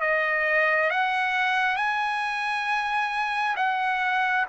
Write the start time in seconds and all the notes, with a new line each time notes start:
0.00 D#5
0.90 F#5
1.76 G#5
3.56 F#5